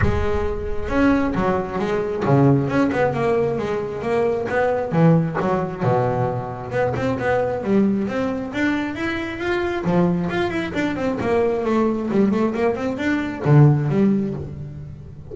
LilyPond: \new Staff \with { instrumentName = "double bass" } { \time 4/4 \tempo 4 = 134 gis2 cis'4 fis4 | gis4 cis4 cis'8 b8 ais4 | gis4 ais4 b4 e4 | fis4 b,2 b8 c'8 |
b4 g4 c'4 d'4 | e'4 f'4 f4 f'8 e'8 | d'8 c'8 ais4 a4 g8 a8 | ais8 c'8 d'4 d4 g4 | }